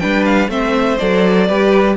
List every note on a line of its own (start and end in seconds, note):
0.00 0.49 G3
0.00 0.49 D4
0.00 0.50 B4
0.00 0.24 G5
0.26 0.50 F5
0.49 0.97 A3
0.49 0.98 C4
0.49 1.48 C5
0.49 0.98 E5
0.98 1.50 F#3
0.98 1.49 A4
0.98 1.96 D5
1.48 1.98 G3
1.48 1.98 G4
1.48 1.97 B4